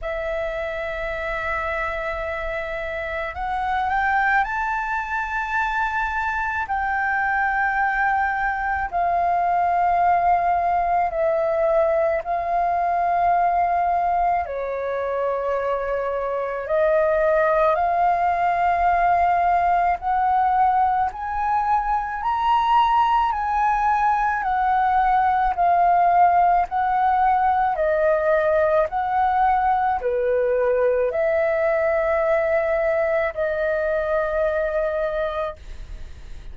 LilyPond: \new Staff \with { instrumentName = "flute" } { \time 4/4 \tempo 4 = 54 e''2. fis''8 g''8 | a''2 g''2 | f''2 e''4 f''4~ | f''4 cis''2 dis''4 |
f''2 fis''4 gis''4 | ais''4 gis''4 fis''4 f''4 | fis''4 dis''4 fis''4 b'4 | e''2 dis''2 | }